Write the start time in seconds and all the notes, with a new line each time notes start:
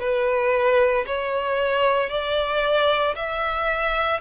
0.00 B4
1.07 C#5
2.10 D5
3.16 E5